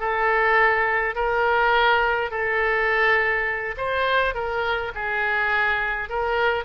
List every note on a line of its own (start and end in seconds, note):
0.00 1.15 A4
1.15 2.31 A#4
2.31 3.75 A4
3.77 4.35 C5
4.35 4.92 A#4
4.95 6.09 G#4
6.09 6.65 A#4